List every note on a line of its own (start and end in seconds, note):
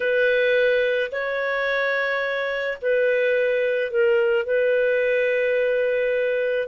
0.00 1.11 B4
1.11 2.78 C#5
2.81 3.90 B4
3.90 4.45 A#4
4.45 6.67 B4